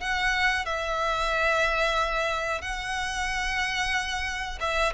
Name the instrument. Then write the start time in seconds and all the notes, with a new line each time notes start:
violin
0.00 F#5
0.65 E5
2.61 F#5
4.60 E5